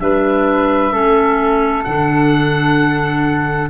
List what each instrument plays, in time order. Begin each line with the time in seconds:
0.00 tuba G3, clarinet D4, flute B4, oboe E5
0.92 tuba A3, clarinet C#4, flute A4
1.84 tuba D3, clarinet D4, oboe F#5